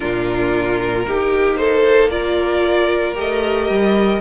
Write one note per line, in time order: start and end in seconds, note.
0.00 1.06 A#2
0.00 1.03 D4
0.00 1.05 F4
0.00 1.55 A#4
1.06 3.16 A#3
1.06 2.10 D#4
1.06 1.59 G4
1.55 2.10 A4
1.55 2.08 C5
2.09 3.14 F4
2.09 4.20 A#4
2.09 3.14 D5
3.14 3.69 A3
3.14 4.20 G4
3.14 4.20 D#5
3.69 4.20 G3